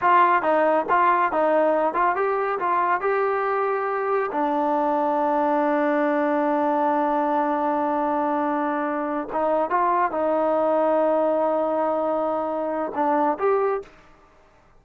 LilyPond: \new Staff \with { instrumentName = "trombone" } { \time 4/4 \tempo 4 = 139 f'4 dis'4 f'4 dis'4~ | dis'8 f'8 g'4 f'4 g'4~ | g'2 d'2~ | d'1~ |
d'1~ | d'4. dis'4 f'4 dis'8~ | dis'1~ | dis'2 d'4 g'4 | }